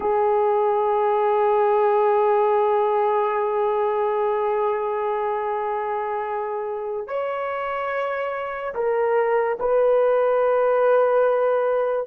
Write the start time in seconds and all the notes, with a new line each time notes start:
0.00 G#4
7.07 C#5
8.74 A#4
9.59 B4